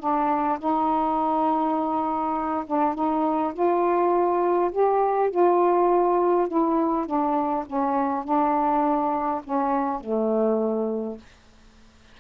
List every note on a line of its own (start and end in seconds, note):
0.00 0.59 D4
0.59 2.65 D#4
2.67 2.95 D4
2.95 3.53 D#4
3.54 4.72 F4
4.72 5.31 G4
5.31 6.48 F4
6.48 7.06 E4
7.06 7.65 D4
7.67 8.24 C#4
8.24 9.42 D4
9.44 10.01 C#4
10.01 11.18 A3